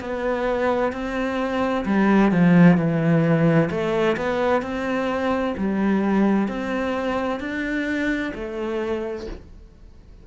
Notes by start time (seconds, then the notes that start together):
0.00 B3
0.92 C4
1.85 G3
2.31 F3
2.77 E3
3.70 A3
4.17 B3
4.62 C4
5.57 G3
6.47 C4
7.40 D4
8.34 A3